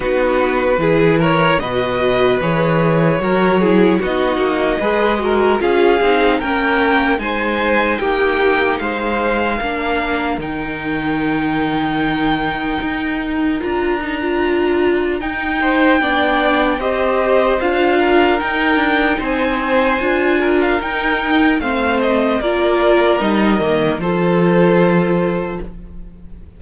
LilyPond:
<<
  \new Staff \with { instrumentName = "violin" } { \time 4/4 \tempo 4 = 75 b'4. cis''8 dis''4 cis''4~ | cis''4 dis''2 f''4 | g''4 gis''4 g''4 f''4~ | f''4 g''2.~ |
g''4 ais''2 g''4~ | g''4 dis''4 f''4 g''4 | gis''4.~ gis''16 f''16 g''4 f''8 dis''8 | d''4 dis''4 c''2 | }
  \new Staff \with { instrumentName = "violin" } { \time 4/4 fis'4 gis'8 ais'8 b'2 | ais'8 gis'8 fis'4 b'8 ais'8 gis'4 | ais'4 c''4 g'4 c''4 | ais'1~ |
ais'2.~ ais'8 c''8 | d''4 c''4. ais'4. | c''4. ais'4. c''4 | ais'2 a'2 | }
  \new Staff \with { instrumentName = "viola" } { \time 4/4 dis'4 e'4 fis'4 gis'4 | fis'8 e'8 dis'4 gis'8 fis'8 f'8 dis'8 | cis'4 dis'2. | d'4 dis'2.~ |
dis'4 f'8 dis'16 f'4~ f'16 dis'4 | d'4 g'4 f'4 dis'4~ | dis'4 f'4 dis'4 c'4 | f'4 dis'8 ais8 f'2 | }
  \new Staff \with { instrumentName = "cello" } { \time 4/4 b4 e4 b,4 e4 | fis4 b8 ais8 gis4 cis'8 c'8 | ais4 gis4 ais4 gis4 | ais4 dis2. |
dis'4 d'2 dis'4 | b4 c'4 d'4 dis'8 d'8 | c'4 d'4 dis'4 a4 | ais4 g8 dis8 f2 | }
>>